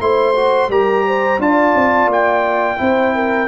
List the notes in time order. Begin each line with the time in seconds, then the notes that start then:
0.00 A3 E4 C5 C6
0.36 F#4
0.69 G3 G4 A#4 A#5
1.08 C5
1.39 D4 F4 D5 A5
1.75 C4
2.08 A#3 G5
2.78 C4 E4 C5
3.15 A#4